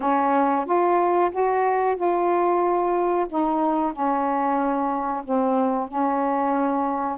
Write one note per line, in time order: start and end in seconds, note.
0.00 0.65 C#4
0.65 1.30 F4
1.31 1.96 F#4
1.96 3.26 F4
3.29 3.92 D#4
3.92 5.23 C#4
5.24 5.88 C4
5.88 7.17 C#4